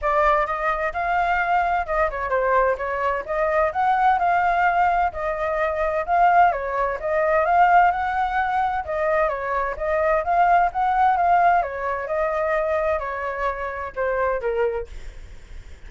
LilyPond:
\new Staff \with { instrumentName = "flute" } { \time 4/4 \tempo 4 = 129 d''4 dis''4 f''2 | dis''8 cis''8 c''4 cis''4 dis''4 | fis''4 f''2 dis''4~ | dis''4 f''4 cis''4 dis''4 |
f''4 fis''2 dis''4 | cis''4 dis''4 f''4 fis''4 | f''4 cis''4 dis''2 | cis''2 c''4 ais'4 | }